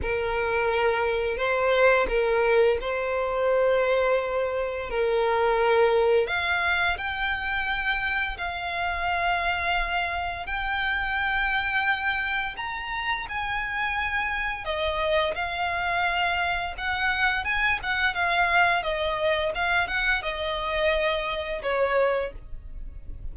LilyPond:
\new Staff \with { instrumentName = "violin" } { \time 4/4 \tempo 4 = 86 ais'2 c''4 ais'4 | c''2. ais'4~ | ais'4 f''4 g''2 | f''2. g''4~ |
g''2 ais''4 gis''4~ | gis''4 dis''4 f''2 | fis''4 gis''8 fis''8 f''4 dis''4 | f''8 fis''8 dis''2 cis''4 | }